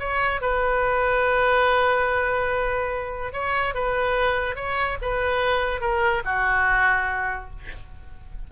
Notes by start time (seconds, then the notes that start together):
0.00 C#5
0.41 B4
3.33 C#5
3.75 B4
4.56 C#5
5.02 B4
5.81 A#4
6.25 F#4